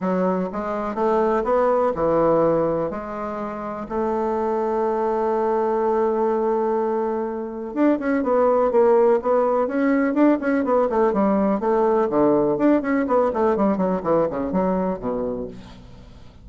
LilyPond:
\new Staff \with { instrumentName = "bassoon" } { \time 4/4 \tempo 4 = 124 fis4 gis4 a4 b4 | e2 gis2 | a1~ | a1 |
d'8 cis'8 b4 ais4 b4 | cis'4 d'8 cis'8 b8 a8 g4 | a4 d4 d'8 cis'8 b8 a8 | g8 fis8 e8 cis8 fis4 b,4 | }